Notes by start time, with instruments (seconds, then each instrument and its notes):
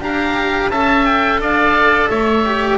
0.00 double bass D4, cello G4, oboe F5 A#5
0.69 double bass C#4, cello A4, oboe E5 A5
1.05 oboe G5
1.39 double bass D4, oboe D5 F5
2.09 double bass A3, oboe C#5 E5
2.46 cello G4